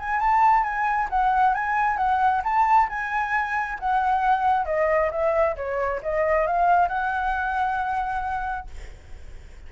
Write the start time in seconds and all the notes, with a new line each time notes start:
0.00 G#5
0.20 A5
0.64 G#5
1.10 F#5
1.55 G#5
1.98 F#5
2.44 A5
2.90 G#5
3.80 F#5
4.66 D#5
5.12 E5
5.57 C#5
6.03 D#5
6.47 F5
6.89 F#5